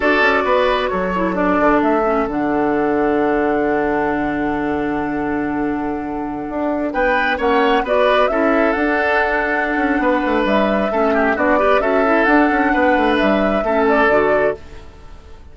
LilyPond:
<<
  \new Staff \with { instrumentName = "flute" } { \time 4/4 \tempo 4 = 132 d''2 cis''4 d''4 | e''4 fis''2.~ | fis''1~ | fis''2.~ fis''16 g''8.~ |
g''16 fis''4 d''4 e''4 fis''8.~ | fis''2. e''4~ | e''4 d''4 e''4 fis''4~ | fis''4 e''4. d''4. | }
  \new Staff \with { instrumentName = "oboe" } { \time 4/4 a'4 b'4 a'2~ | a'1~ | a'1~ | a'2.~ a'16 b'8.~ |
b'16 cis''4 b'4 a'4.~ a'16~ | a'2 b'2 | a'8 g'8 fis'8 b'8 a'2 | b'2 a'2 | }
  \new Staff \with { instrumentName = "clarinet" } { \time 4/4 fis'2~ fis'8 e'8 d'4~ | d'8 cis'8 d'2.~ | d'1~ | d'1~ |
d'16 cis'4 fis'4 e'4 d'8.~ | d'1 | cis'4 d'8 g'8 fis'8 e'8 d'4~ | d'2 cis'4 fis'4 | }
  \new Staff \with { instrumentName = "bassoon" } { \time 4/4 d'8 cis'8 b4 fis4. d8 | a4 d2.~ | d1~ | d2~ d16 d'4 b8.~ |
b16 ais4 b4 cis'4 d'8.~ | d'4. cis'8 b8 a8 g4 | a4 b4 cis'4 d'8 cis'8 | b8 a8 g4 a4 d4 | }
>>